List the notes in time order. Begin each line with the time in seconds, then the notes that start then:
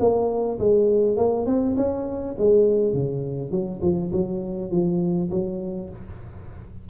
0.00 A#3
0.59 G#3
1.17 A#3
1.47 C4
1.77 C#4
2.39 G#3
2.94 C#3
3.51 F#3
3.82 F3
4.13 F#3
4.71 F3
5.31 F#3